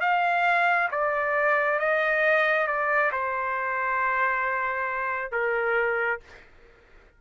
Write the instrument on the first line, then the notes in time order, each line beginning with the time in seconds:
trumpet
0.00 F5
0.91 D5
1.79 D#5
2.67 D5
3.12 C5
5.31 A#4